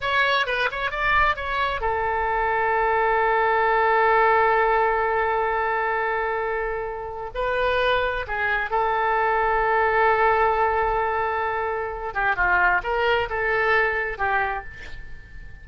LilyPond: \new Staff \with { instrumentName = "oboe" } { \time 4/4 \tempo 4 = 131 cis''4 b'8 cis''8 d''4 cis''4 | a'1~ | a'1~ | a'1 |
b'2 gis'4 a'4~ | a'1~ | a'2~ a'8 g'8 f'4 | ais'4 a'2 g'4 | }